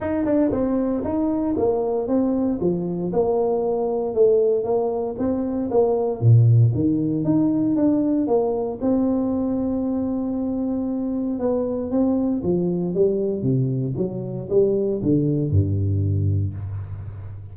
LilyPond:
\new Staff \with { instrumentName = "tuba" } { \time 4/4 \tempo 4 = 116 dis'8 d'8 c'4 dis'4 ais4 | c'4 f4 ais2 | a4 ais4 c'4 ais4 | ais,4 dis4 dis'4 d'4 |
ais4 c'2.~ | c'2 b4 c'4 | f4 g4 c4 fis4 | g4 d4 g,2 | }